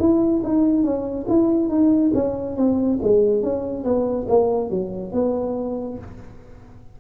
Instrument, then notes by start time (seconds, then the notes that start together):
tuba
0.00 E4
0.44 D#4
0.84 C#4
1.29 E4
1.69 D#4
2.14 C#4
2.57 C4
3.03 G#3
3.43 C#4
3.85 B3
4.29 A#3
4.71 F#3
5.13 B3